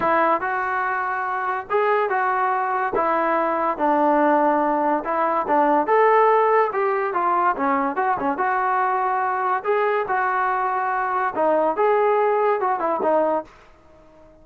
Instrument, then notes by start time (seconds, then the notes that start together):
trombone
0.00 E4
0.40 F#4
1.69 G#4
2.09 F#4
2.95 E4
3.77 D4
5.04 E4
5.47 D4
5.86 A4
6.72 G4
7.13 F4
7.56 C#4
7.96 F#4
8.19 C#4
8.37 F#4
9.64 G#4
10.08 F#4
11.35 D#4
11.76 G#4
12.60 F#4
12.79 E4
13.02 D#4